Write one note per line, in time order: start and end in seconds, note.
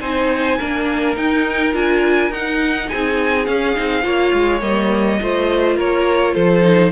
0.00 0.58 C4
0.00 0.59 D#4
0.00 0.58 C5
0.00 1.15 G#5
0.58 1.16 A#3
0.58 1.17 D4
0.58 2.89 A#4
1.16 1.74 D#4
1.16 1.73 D#4
1.16 1.74 G5
1.73 2.30 D4
1.73 2.31 F4
1.73 2.32 G#5
2.30 2.88 D#4
2.30 3.45 D#4
2.30 2.89 F#5
2.89 3.48 C4
2.89 4.04 G#4
2.89 3.45 G#5
3.45 3.74 C#4
3.45 3.77 C#4
3.45 4.61 F5
3.75 4.03 C4
3.75 4.02 D#4
4.02 4.32 A#3
4.02 4.60 F4
4.02 5.19 C#5
4.33 4.62 G#3
4.61 5.19 G3
4.61 5.19 A#3
4.61 5.76 D#5
5.21 5.77 A3
5.21 6.62 F4
5.21 5.77 C5
5.77 6.34 A#3
5.77 6.34 A#4
5.77 6.34 C#5
6.34 6.92 F3
6.34 6.92 A4
6.34 6.92 C5
6.62 6.91 D#4